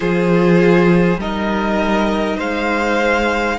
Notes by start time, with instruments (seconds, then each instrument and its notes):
0.00 cello F3, viola F4, violin G#4 C5
1.16 cello G3, viola D#4, violin A#4 D#5
2.37 cello G#3, violin C5 F5